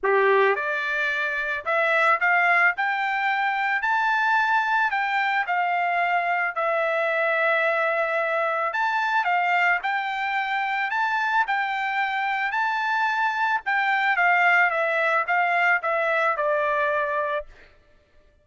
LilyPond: \new Staff \with { instrumentName = "trumpet" } { \time 4/4 \tempo 4 = 110 g'4 d''2 e''4 | f''4 g''2 a''4~ | a''4 g''4 f''2 | e''1 |
a''4 f''4 g''2 | a''4 g''2 a''4~ | a''4 g''4 f''4 e''4 | f''4 e''4 d''2 | }